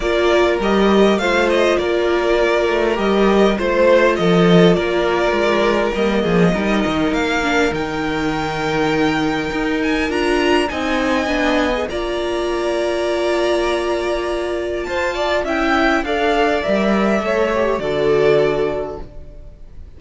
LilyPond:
<<
  \new Staff \with { instrumentName = "violin" } { \time 4/4 \tempo 4 = 101 d''4 dis''4 f''8 dis''8 d''4~ | d''4 dis''4 c''4 dis''4 | d''2 dis''2 | f''4 g''2.~ |
g''8 gis''8 ais''4 gis''2 | ais''1~ | ais''4 a''4 g''4 f''4 | e''2 d''2 | }
  \new Staff \with { instrumentName = "violin" } { \time 4/4 ais'2 c''4 ais'4~ | ais'2 c''4 a'4 | ais'2~ ais'8 gis'8 ais'4~ | ais'1~ |
ais'2 dis''2 | d''1~ | d''4 c''8 d''8 e''4 d''4~ | d''4 cis''4 a'2 | }
  \new Staff \with { instrumentName = "viola" } { \time 4/4 f'4 g'4 f'2~ | f'4 g'4 f'2~ | f'2 ais4 dis'4~ | dis'8 d'8 dis'2.~ |
dis'4 f'4 dis'4 d'8. gis'16 | f'1~ | f'2 e'4 a'4 | ais'4 a'8 g'8 fis'2 | }
  \new Staff \with { instrumentName = "cello" } { \time 4/4 ais4 g4 a4 ais4~ | ais8 a8 g4 a4 f4 | ais4 gis4 g8 f8 g8 dis8 | ais4 dis2. |
dis'4 d'4 c'4 b4 | ais1~ | ais4 f'4 cis'4 d'4 | g4 a4 d2 | }
>>